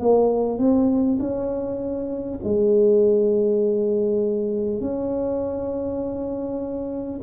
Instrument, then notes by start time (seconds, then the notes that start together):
tuba
0.00 A#3
0.58 C4
1.19 C#4
2.44 G#3
4.81 C#4